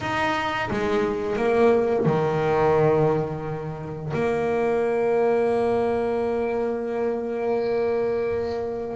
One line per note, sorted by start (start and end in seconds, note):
0.00 0.69 D#4
0.70 1.36 G#3
1.36 2.05 A#3
2.05 4.12 D#3
4.13 8.96 A#3